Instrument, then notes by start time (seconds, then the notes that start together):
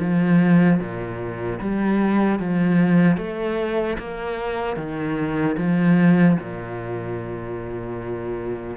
cello
0.00 F3
0.80 A#2
1.61 G3
2.39 F3
3.17 A3
3.99 A#3
4.76 D#3
5.57 F3
6.40 A#2